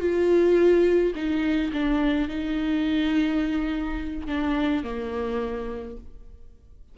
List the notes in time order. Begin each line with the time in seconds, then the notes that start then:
0.00 F4
1.15 D#4
1.73 D4
2.28 D#4
4.27 D4
4.83 A#3